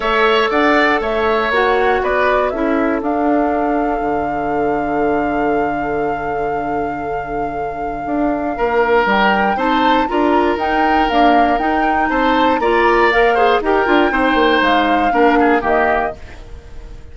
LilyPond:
<<
  \new Staff \with { instrumentName = "flute" } { \time 4/4 \tempo 4 = 119 e''4 fis''4 e''4 fis''4 | d''4 e''4 f''2~ | f''1~ | f''1~ |
f''2 g''4 a''4 | ais''4 g''4 f''4 g''4 | a''4 ais''4 f''4 g''4~ | g''4 f''2 dis''4 | }
  \new Staff \with { instrumentName = "oboe" } { \time 4/4 cis''4 d''4 cis''2 | b'4 a'2.~ | a'1~ | a'1~ |
a'4 ais'2 c''4 | ais'1 | c''4 d''4. c''8 ais'4 | c''2 ais'8 gis'8 g'4 | }
  \new Staff \with { instrumentName = "clarinet" } { \time 4/4 a'2. fis'4~ | fis'4 e'4 d'2~ | d'1~ | d'1~ |
d'2. dis'4 | f'4 dis'4 ais4 dis'4~ | dis'4 f'4 ais'8 gis'8 g'8 f'8 | dis'2 d'4 ais4 | }
  \new Staff \with { instrumentName = "bassoon" } { \time 4/4 a4 d'4 a4 ais4 | b4 cis'4 d'2 | d1~ | d1 |
d'4 ais4 g4 c'4 | d'4 dis'4 d'4 dis'4 | c'4 ais2 dis'8 d'8 | c'8 ais8 gis4 ais4 dis4 | }
>>